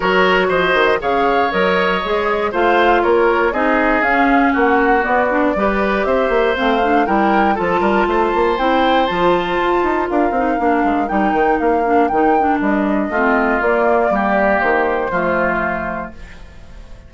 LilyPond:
<<
  \new Staff \with { instrumentName = "flute" } { \time 4/4 \tempo 4 = 119 cis''4 dis''4 f''4 dis''4~ | dis''4 f''4 cis''4 dis''4 | f''4 fis''4 d''2 | e''4 f''4 g''4 a''4~ |
a''4 g''4 a''2 | f''2 g''4 f''4 | g''4 dis''2 d''4~ | d''4 c''2. | }
  \new Staff \with { instrumentName = "oboe" } { \time 4/4 ais'4 c''4 cis''2~ | cis''4 c''4 ais'4 gis'4~ | gis'4 fis'2 b'4 | c''2 ais'4 a'8 ais'8 |
c''1 | ais'1~ | ais'2 f'2 | g'2 f'2 | }
  \new Staff \with { instrumentName = "clarinet" } { \time 4/4 fis'2 gis'4 ais'4 | gis'4 f'2 dis'4 | cis'2 b8 d'8 g'4~ | g'4 c'8 d'8 e'4 f'4~ |
f'4 e'4 f'2~ | f'8 dis'8 d'4 dis'4. d'8 | dis'8 d'4. c'4 ais4~ | ais2 a2 | }
  \new Staff \with { instrumentName = "bassoon" } { \time 4/4 fis4 f8 dis8 cis4 fis4 | gis4 a4 ais4 c'4 | cis'4 ais4 b4 g4 | c'8 ais8 a4 g4 f8 g8 |
a8 ais8 c'4 f4 f'8 dis'8 | d'8 c'8 ais8 gis8 g8 dis8 ais4 | dis4 g4 a4 ais4 | g4 dis4 f2 | }
>>